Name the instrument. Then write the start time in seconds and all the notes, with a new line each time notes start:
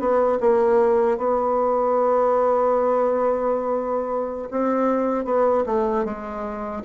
bassoon
0.00 B3
0.41 A#3
1.18 B3
4.51 C4
5.25 B3
5.66 A3
6.05 G#3